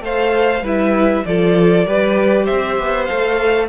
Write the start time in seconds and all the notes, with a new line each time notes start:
0.00 A3 A4 C5 F5
0.61 G3 E4 B4 E5
1.25 F3 F4 A4 D5
1.86 G3 G4 B4
2.44 C4 C5 E5
2.79 B3
3.05 A4 F5
3.11 A3